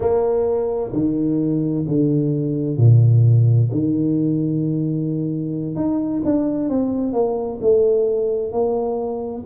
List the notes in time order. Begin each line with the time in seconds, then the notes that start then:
0.00 A#3
0.92 D#3
1.88 D3
2.77 A#2
3.71 D#3
5.75 D#4
6.24 D4
6.69 C4
7.12 A#3
7.61 A3
8.52 A#3